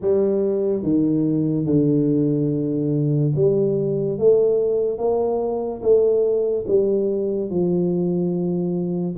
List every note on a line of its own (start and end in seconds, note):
0.01 0.82 G3
0.82 1.66 D#3
1.66 3.32 D3
3.35 4.18 G3
4.18 4.98 A3
4.98 5.81 A#3
5.81 6.65 A3
6.67 7.50 G3
7.50 9.16 F3